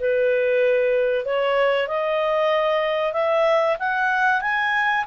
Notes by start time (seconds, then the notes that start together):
0.00 B4
1.26 C#5
1.88 D#5
3.13 E5
3.79 F#5
4.42 G#5